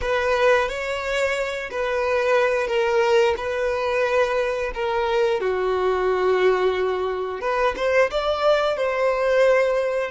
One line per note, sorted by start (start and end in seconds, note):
0.01 0.68 B4
0.68 1.69 C#5
1.70 2.67 B4
2.67 3.34 A#4
3.37 4.72 B4
4.74 5.40 A#4
5.40 7.41 F#4
7.41 7.74 B4
7.76 8.10 C5
8.10 8.76 D5
8.76 10.10 C5